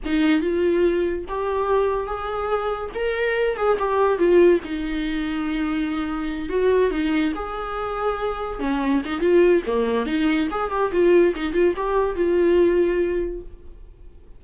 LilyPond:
\new Staff \with { instrumentName = "viola" } { \time 4/4 \tempo 4 = 143 dis'4 f'2 g'4~ | g'4 gis'2 ais'4~ | ais'8 gis'8 g'4 f'4 dis'4~ | dis'2.~ dis'8 fis'8~ |
fis'8 dis'4 gis'2~ gis'8~ | gis'8 cis'4 dis'8 f'4 ais4 | dis'4 gis'8 g'8 f'4 dis'8 f'8 | g'4 f'2. | }